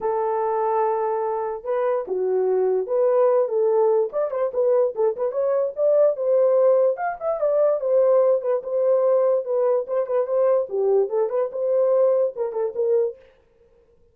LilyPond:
\new Staff \with { instrumentName = "horn" } { \time 4/4 \tempo 4 = 146 a'1 | b'4 fis'2 b'4~ | b'8 a'4. d''8 c''8 b'4 | a'8 b'8 cis''4 d''4 c''4~ |
c''4 f''8 e''8 d''4 c''4~ | c''8 b'8 c''2 b'4 | c''8 b'8 c''4 g'4 a'8 b'8 | c''2 ais'8 a'8 ais'4 | }